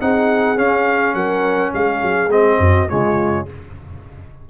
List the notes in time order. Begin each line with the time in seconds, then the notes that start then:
0.00 C4 D#4 G#4 F#5
0.57 C#4 F5
1.14 F#3 A#4 F#5
1.74 G#3 G#4 F5
2.02 F#3
2.28 G#3 C4 D#5
2.58 F#2 F#4
2.89 C#3 G#3 F4 C#5